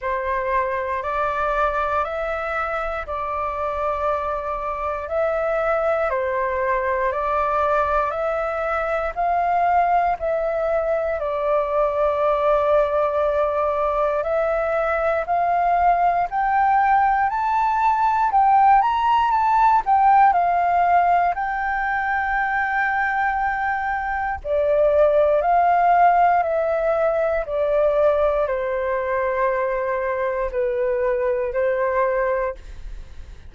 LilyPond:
\new Staff \with { instrumentName = "flute" } { \time 4/4 \tempo 4 = 59 c''4 d''4 e''4 d''4~ | d''4 e''4 c''4 d''4 | e''4 f''4 e''4 d''4~ | d''2 e''4 f''4 |
g''4 a''4 g''8 ais''8 a''8 g''8 | f''4 g''2. | d''4 f''4 e''4 d''4 | c''2 b'4 c''4 | }